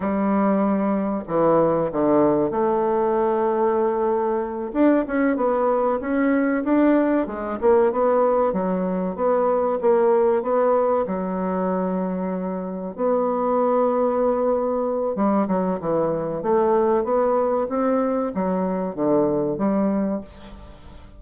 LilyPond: \new Staff \with { instrumentName = "bassoon" } { \time 4/4 \tempo 4 = 95 g2 e4 d4 | a2.~ a8 d'8 | cis'8 b4 cis'4 d'4 gis8 | ais8 b4 fis4 b4 ais8~ |
ais8 b4 fis2~ fis8~ | fis8 b2.~ b8 | g8 fis8 e4 a4 b4 | c'4 fis4 d4 g4 | }